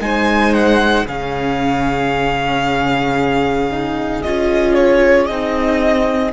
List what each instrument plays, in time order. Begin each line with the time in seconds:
0.00 cello G#3, viola D#4, violin C5 G#5
0.54 violin F#5
1.07 cello C#3, viola C#4, violin G#4 F5
3.71 viola D#4
4.23 cello C#4, viola F4, violin D#5
4.75 violin C#5
5.26 cello C4, viola D#4, violin D#5